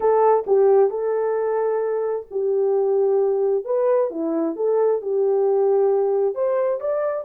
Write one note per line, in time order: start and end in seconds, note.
0.00 0.44 A4
0.46 0.90 G4
0.90 2.26 A4
2.30 3.65 G4
3.65 4.10 B4
4.10 4.56 E4
4.56 5.01 A4
5.01 6.35 G4
6.35 6.80 C5
6.80 7.24 D5